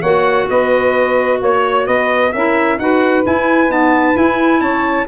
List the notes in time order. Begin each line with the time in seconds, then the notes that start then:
0.00 A#3 F#4 C#5 F#5
0.50 B3 B4 D#5
1.40 A#3 C#5
1.86 B3 B4 D#5
2.33 C#4 E4 A#4 E5
2.78 D#4 F#4 B4 F#5
3.24 E4 G#5
3.68 B3 D#4 A5
4.14 E4 G#5
4.61 C#4 C#5 A5